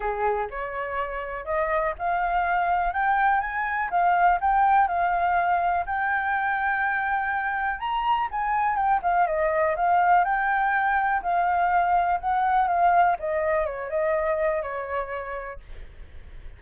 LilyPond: \new Staff \with { instrumentName = "flute" } { \time 4/4 \tempo 4 = 123 gis'4 cis''2 dis''4 | f''2 g''4 gis''4 | f''4 g''4 f''2 | g''1 |
ais''4 gis''4 g''8 f''8 dis''4 | f''4 g''2 f''4~ | f''4 fis''4 f''4 dis''4 | cis''8 dis''4. cis''2 | }